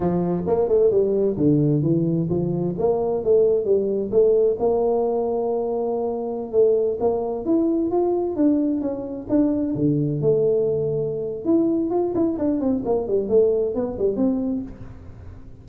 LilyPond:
\new Staff \with { instrumentName = "tuba" } { \time 4/4 \tempo 4 = 131 f4 ais8 a8 g4 d4 | e4 f4 ais4 a4 | g4 a4 ais2~ | ais2~ ais16 a4 ais8.~ |
ais16 e'4 f'4 d'4 cis'8.~ | cis'16 d'4 d4 a4.~ a16~ | a4 e'4 f'8 e'8 d'8 c'8 | ais8 g8 a4 b8 g8 c'4 | }